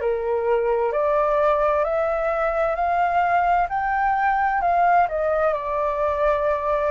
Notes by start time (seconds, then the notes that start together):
0.00 A#4
0.92 D5
1.84 E5
2.75 F5
3.69 G5
4.61 F5
5.09 D#5
5.53 D5